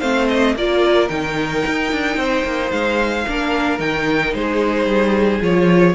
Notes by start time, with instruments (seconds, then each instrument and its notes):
0.00 cello A3, viola C4, violin C5 F5
0.28 violin D#5
0.55 cello A#3, viola F4, violin A#4 D5
1.08 cello D#3, viola D#4, violin G5
1.66 cello D#4
1.92 cello D4
2.16 cello C4, violin C5
2.44 cello A#3
2.71 cello G#3, violin F5
3.27 cello A#3, viola D4, violin A#4
3.79 cello D#3, viola D#4, violin G5
4.33 cello G#3, violin G#4 C5
4.85 cello G3
5.42 cello F3, viola F4, violin C#5